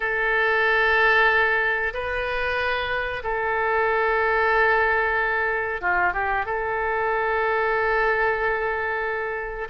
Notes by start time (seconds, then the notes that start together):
0.00 A4
1.93 B4
3.23 A4
5.81 F4
6.13 G4
6.45 A4